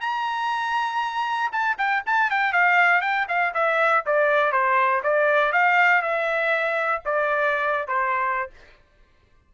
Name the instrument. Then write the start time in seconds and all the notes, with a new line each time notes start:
trumpet
0.00 A#5
1.52 A5
1.77 G5
2.06 A5
2.30 G5
2.52 F5
3.01 G5
3.28 F5
3.54 E5
4.06 D5
4.52 C5
5.03 D5
5.52 F5
6.02 E5
7.05 D5
7.87 C5